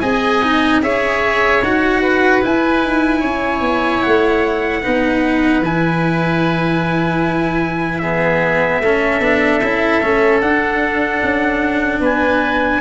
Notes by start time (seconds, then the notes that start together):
0.00 C4 G#4 D#5 G#5
0.42 D#4
0.82 C#4 G#4 C#5 E5
1.62 D#4 F#4 F#5
2.02 B4
2.42 E4 G#5
2.84 D#4
3.20 C#4 C#5
3.61 B3
4.02 A3 F#5
4.83 B3 D#4 B4
5.60 E3 E4 G#5
7.99 B3 G#4 E5
8.80 A3 C#4 A4
9.20 B3 D4
9.62 C#4 E4
10.02 A3 C#4
10.41 D4 F#5
11.23 C#4
12.00 B3 B4 G#5